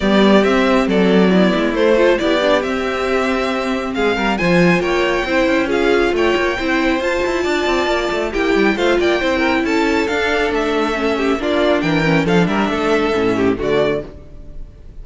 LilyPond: <<
  \new Staff \with { instrumentName = "violin" } { \time 4/4 \tempo 4 = 137 d''4 e''4 d''2 | c''4 d''4 e''2~ | e''4 f''4 gis''4 g''4~ | g''4 f''4 g''2 |
a''2. g''4 | f''8 g''4. a''4 f''4 | e''2 d''4 g''4 | f''8 e''2~ e''8 d''4 | }
  \new Staff \with { instrumentName = "violin" } { \time 4/4 g'2 a'4 e'4~ | e'8 a'8 g'2.~ | g'4 gis'8 ais'8 c''4 cis''4 | c''4 gis'4 cis''4 c''4~ |
c''4 d''2 g'4 | c''8 d''8 c''8 ais'8 a'2~ | a'4. g'8 f'4 ais'4 | a'8 ais'8 a'4. g'8 fis'4 | }
  \new Staff \with { instrumentName = "viola" } { \time 4/4 b4 c'2 b4 | a8 f'8 e'8 d'8 c'2~ | c'2 f'2 | e'4 f'2 e'4 |
f'2. e'4 | f'4 e'2 d'4~ | d'4 cis'4 d'4. cis'8 | d'2 cis'4 a4 | }
  \new Staff \with { instrumentName = "cello" } { \time 4/4 g4 c'4 fis4. gis8 | a4 b4 c'2~ | c'4 gis8 g8 f4 ais4 | c'8 cis'4. a8 ais8 c'4 |
f'8 e'8 d'8 c'8 ais8 a8 ais8 g8 | a8 ais8 c'4 cis'4 d'4 | a2 ais4 e4 | f8 g8 a4 a,4 d4 | }
>>